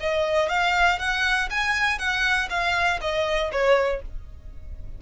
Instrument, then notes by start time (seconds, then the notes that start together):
violin
0.00 D#5
0.49 F5
0.99 F#5
1.50 G#5
1.98 F#5
2.50 F5
3.00 D#5
3.52 C#5